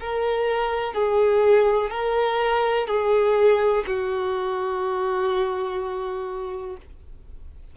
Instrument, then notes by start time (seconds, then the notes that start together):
violin
0.00 A#4
0.94 G#4
1.90 A#4
2.87 G#4
3.87 F#4